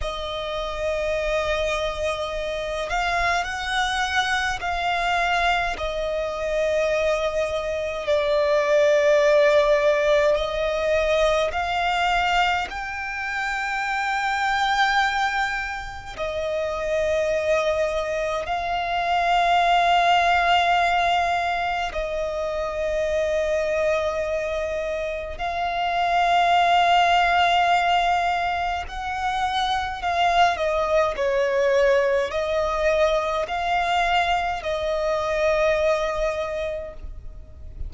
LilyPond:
\new Staff \with { instrumentName = "violin" } { \time 4/4 \tempo 4 = 52 dis''2~ dis''8 f''8 fis''4 | f''4 dis''2 d''4~ | d''4 dis''4 f''4 g''4~ | g''2 dis''2 |
f''2. dis''4~ | dis''2 f''2~ | f''4 fis''4 f''8 dis''8 cis''4 | dis''4 f''4 dis''2 | }